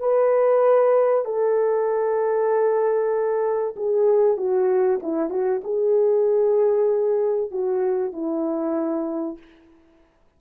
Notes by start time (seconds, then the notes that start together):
0.00 B4
1.25 A4
3.76 G#4
4.37 F#4
5.03 E4
5.30 F#4
5.64 G#4
7.51 F#4
8.13 E4